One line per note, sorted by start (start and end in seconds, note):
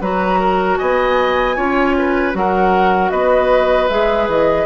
0.00 0.78 F#3
0.00 1.56 F#4
0.00 0.39 B4
0.00 0.77 A#5
0.39 0.78 A#4
0.77 1.57 B3
0.77 1.56 D#5
0.77 2.33 G#5
1.56 2.34 C#4
1.56 2.33 F4
1.56 1.95 C#5
1.98 2.37 B4
2.33 3.11 F#3
2.33 3.89 F#4
2.33 3.11 A#4
2.33 3.10 F#5
3.10 3.89 B3
3.10 4.65 B4
3.10 3.88 D#5
3.88 4.28 G#3
3.88 4.65 G#4
3.88 4.27 E5
4.28 4.65 E3
4.28 4.65 D#5